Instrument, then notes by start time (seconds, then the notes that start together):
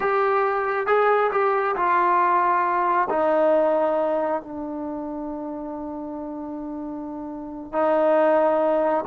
trombone
0.00 G4
0.86 G#4
1.31 G4
1.76 F4
3.09 D#4
4.41 D4
7.72 D#4